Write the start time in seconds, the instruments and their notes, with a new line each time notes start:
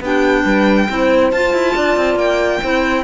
0.00 cello B3, clarinet D4, horn G4, violin G5
0.43 cello G3, horn B4
0.89 cello C4, clarinet E4, horn C5
1.31 cello F4, clarinet F4, violin A5
1.53 cello E4
1.75 cello D4, horn D5
1.96 cello C4
2.15 cello A#3, violin G5
2.62 cello C4, clarinet E4, horn C5